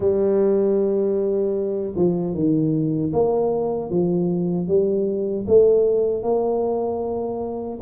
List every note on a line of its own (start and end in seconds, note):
0.00 1.94 G3
1.95 2.34 F3
2.34 3.12 D#3
3.12 3.90 A#3
3.90 4.68 F3
4.68 5.45 G3
5.47 6.23 A3
6.23 7.79 A#3